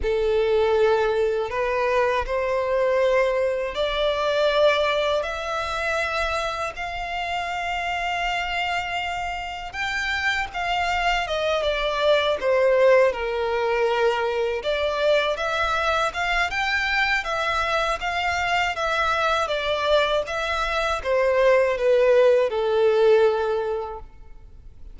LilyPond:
\new Staff \with { instrumentName = "violin" } { \time 4/4 \tempo 4 = 80 a'2 b'4 c''4~ | c''4 d''2 e''4~ | e''4 f''2.~ | f''4 g''4 f''4 dis''8 d''8~ |
d''8 c''4 ais'2 d''8~ | d''8 e''4 f''8 g''4 e''4 | f''4 e''4 d''4 e''4 | c''4 b'4 a'2 | }